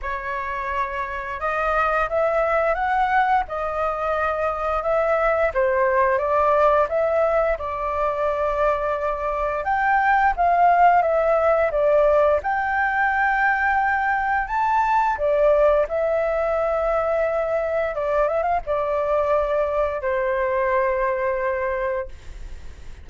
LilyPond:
\new Staff \with { instrumentName = "flute" } { \time 4/4 \tempo 4 = 87 cis''2 dis''4 e''4 | fis''4 dis''2 e''4 | c''4 d''4 e''4 d''4~ | d''2 g''4 f''4 |
e''4 d''4 g''2~ | g''4 a''4 d''4 e''4~ | e''2 d''8 e''16 f''16 d''4~ | d''4 c''2. | }